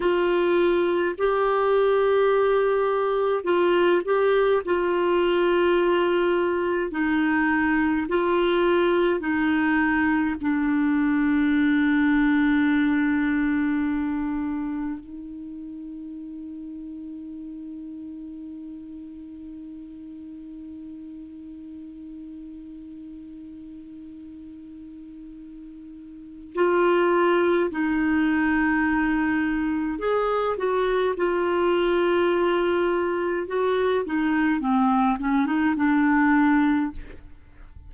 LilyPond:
\new Staff \with { instrumentName = "clarinet" } { \time 4/4 \tempo 4 = 52 f'4 g'2 f'8 g'8 | f'2 dis'4 f'4 | dis'4 d'2.~ | d'4 dis'2.~ |
dis'1~ | dis'2. f'4 | dis'2 gis'8 fis'8 f'4~ | f'4 fis'8 dis'8 c'8 cis'16 dis'16 d'4 | }